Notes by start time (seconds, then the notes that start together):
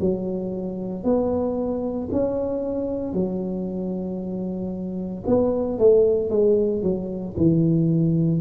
0.00 F#3
1.03 B3
2.11 C#4
3.13 F#3
5.26 B3
5.78 A3
6.30 G#3
6.82 F#3
7.36 E3